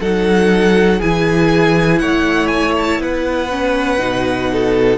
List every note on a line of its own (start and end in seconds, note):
0.00 1.00 F#3
0.00 1.00 D#4
0.00 0.99 A4
0.00 1.01 F#5
0.99 2.01 E3
0.99 3.50 E4
0.99 1.99 G#4
0.99 1.99 G#5
1.99 2.98 A3
1.99 3.00 C#5
1.99 2.47 F#5
2.47 2.72 G#5
2.77 3.02 A5
2.98 3.98 B3
2.98 4.50 B4
2.98 4.97 F#5
3.50 3.99 C#4
3.99 4.97 B2
3.99 4.97 D#4
4.52 4.97 A4